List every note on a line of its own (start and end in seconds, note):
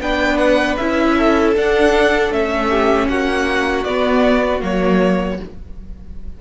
0.00 0.77 B3
0.00 0.79 D4
0.00 1.17 B4
0.00 0.38 G5
0.38 0.76 F#5
0.77 1.56 C#4
0.77 1.56 E4
0.77 1.54 E5
1.17 2.69 A4
1.56 2.33 D4
1.56 2.31 D4
1.56 2.33 F#5
2.31 3.08 A3
2.31 3.87 C#4
2.31 3.08 E5
2.69 3.08 G4
3.08 3.85 A#3
3.08 5.40 F#4
3.08 3.84 F#5
3.84 4.62 B3
3.84 4.60 B3
3.84 4.61 D5
4.60 5.40 F#3
4.60 5.37 A#3
4.60 5.41 C#5